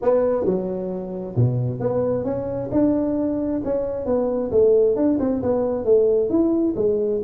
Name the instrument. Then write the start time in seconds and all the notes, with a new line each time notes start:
tuba
0.02 B3
0.45 F#3
1.36 B2
1.80 B3
2.24 C#4
2.71 D4
3.64 C#4
4.05 B3
4.51 A3
4.95 D4
5.19 C4
5.42 B3
5.84 A3
6.29 E4
6.76 G#3